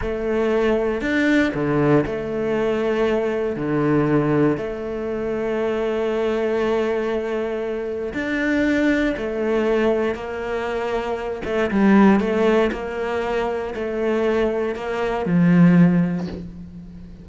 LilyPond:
\new Staff \with { instrumentName = "cello" } { \time 4/4 \tempo 4 = 118 a2 d'4 d4 | a2. d4~ | d4 a2.~ | a1 |
d'2 a2 | ais2~ ais8 a8 g4 | a4 ais2 a4~ | a4 ais4 f2 | }